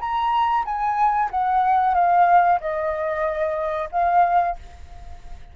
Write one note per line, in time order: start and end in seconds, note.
0.00 0.65 A#5
0.65 1.30 G#5
1.31 1.95 F#5
1.95 2.59 F5
2.60 3.89 D#5
3.92 4.56 F5